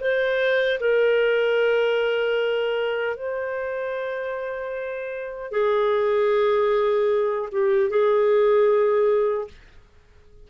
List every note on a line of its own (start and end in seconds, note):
0.00 0.79 C5
0.80 3.17 A#4
3.17 5.52 C5
5.52 7.49 G#4
7.52 7.90 G4
7.90 9.48 G#4